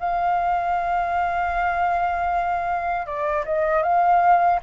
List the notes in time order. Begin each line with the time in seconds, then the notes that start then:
0.00 F5
3.06 D5
3.45 D#5
3.83 F5